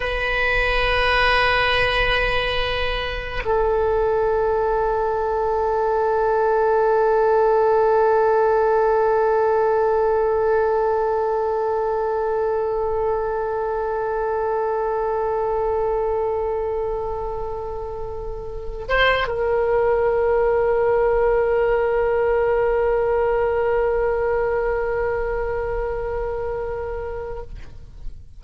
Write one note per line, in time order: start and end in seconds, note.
0.00 3.43 B4
3.45 18.88 A4
18.88 19.27 C5
19.27 27.42 A#4